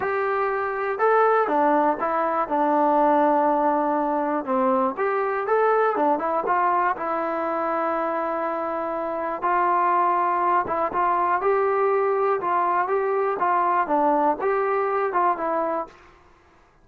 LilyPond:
\new Staff \with { instrumentName = "trombone" } { \time 4/4 \tempo 4 = 121 g'2 a'4 d'4 | e'4 d'2.~ | d'4 c'4 g'4 a'4 | d'8 e'8 f'4 e'2~ |
e'2. f'4~ | f'4. e'8 f'4 g'4~ | g'4 f'4 g'4 f'4 | d'4 g'4. f'8 e'4 | }